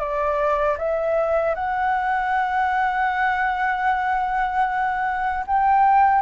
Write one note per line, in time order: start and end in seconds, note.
0.00 0.78 D5
0.78 1.55 E5
1.55 5.45 F#5
5.47 6.22 G5